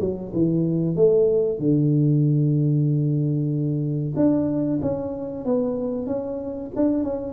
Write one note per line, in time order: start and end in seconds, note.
0.00 0.32 F#3
0.33 0.95 E3
0.95 1.58 A3
1.58 4.13 D3
4.16 4.80 D4
4.81 5.45 C#4
5.45 6.06 B3
6.06 6.70 C#4
6.75 7.03 D4
7.03 7.33 C#4